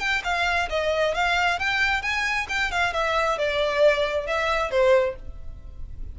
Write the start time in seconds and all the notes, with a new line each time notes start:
0.00 G5
0.24 F5
0.70 D#5
1.15 F5
1.60 G5
2.03 G#5
2.49 G5
2.72 F5
2.94 E5
3.39 D5
4.27 E5
4.71 C5